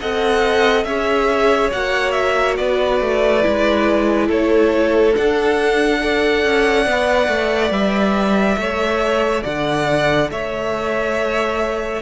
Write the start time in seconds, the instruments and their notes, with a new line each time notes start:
0.00 cello C4, viola A4, violin D#5 F#5
0.84 cello C#4, viola G#4, violin C#5 E5
1.72 cello A#3, viola F#4, violin F#5
2.11 violin E5
2.57 cello B3, violin B4 D5
3.00 cello A3
3.41 cello G#3, viola E4
4.27 cello A3, violin A4 C#5
5.15 viola D4, cello D4, violin F#5
6.00 viola A4, violin D5
6.44 cello C#4
6.86 cello B3, viola B4
7.27 cello A3
7.70 cello G3, violin E5
8.57 cello A3, viola A4, violin C#5
9.42 cello D3, violin D5 F#5
10.30 cello A3, violin C#5 E5